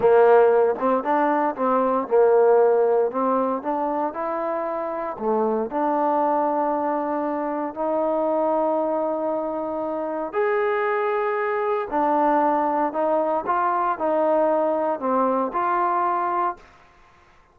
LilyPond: \new Staff \with { instrumentName = "trombone" } { \time 4/4 \tempo 4 = 116 ais4. c'8 d'4 c'4 | ais2 c'4 d'4 | e'2 a4 d'4~ | d'2. dis'4~ |
dis'1 | gis'2. d'4~ | d'4 dis'4 f'4 dis'4~ | dis'4 c'4 f'2 | }